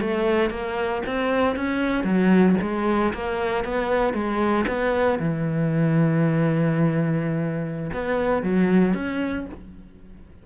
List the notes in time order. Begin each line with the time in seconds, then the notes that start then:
0.00 A3
0.50 A#3
1.06 C4
1.55 C#4
2.03 F#3
2.61 G#3
3.13 A#3
3.64 B3
4.13 G#3
4.67 B3
5.19 E3
7.93 B3
8.42 F#3
8.94 C#4